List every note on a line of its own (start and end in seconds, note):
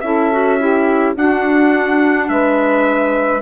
0.00 1.14 C#4
0.00 0.31 E4
0.00 0.58 A4
0.00 1.13 E5
0.31 0.59 F#4
0.58 1.14 E4
0.58 1.15 G4
1.14 3.41 D4
1.14 2.29 D4
1.14 2.28 F#4
1.14 2.29 F#5
2.29 3.41 G#3
2.29 3.41 B4
2.29 3.41 E5